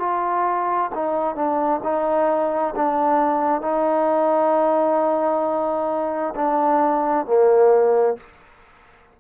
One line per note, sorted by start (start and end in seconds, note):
0.00 0.91 F4
0.95 1.36 D#4
1.36 1.81 D4
1.84 2.75 D#4
2.76 3.62 D4
3.62 6.35 D#4
6.36 7.26 D4
7.26 8.17 A#3